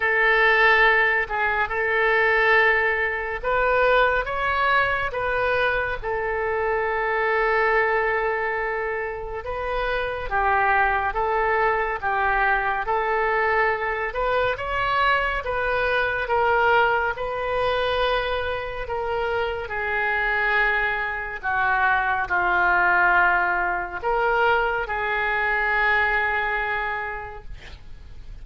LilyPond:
\new Staff \with { instrumentName = "oboe" } { \time 4/4 \tempo 4 = 70 a'4. gis'8 a'2 | b'4 cis''4 b'4 a'4~ | a'2. b'4 | g'4 a'4 g'4 a'4~ |
a'8 b'8 cis''4 b'4 ais'4 | b'2 ais'4 gis'4~ | gis'4 fis'4 f'2 | ais'4 gis'2. | }